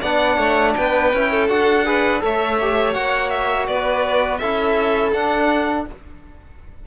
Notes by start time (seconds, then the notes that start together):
0.00 B3 D4 D5 F#5
0.37 A3 C#5
0.76 B3 B4 G5
1.13 C#4 E4
1.30 A4
1.48 D4 F#4 F#5
1.85 G#4 B4
2.20 A3 A4 C#5 E5
2.61 G4
2.94 A#3 F#4 F#5
3.30 E5
3.67 B3 B4 D5
4.37 C#4 E4 A4 E5
5.12 D4 F#5